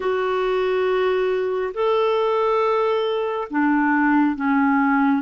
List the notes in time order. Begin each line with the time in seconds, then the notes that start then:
0.00 F#4
1.74 A4
3.50 D4
4.35 C#4